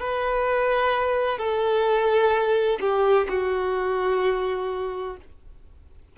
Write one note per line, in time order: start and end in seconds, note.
0.00 1.38 B4
1.38 2.79 A4
2.80 3.27 G4
3.29 5.17 F#4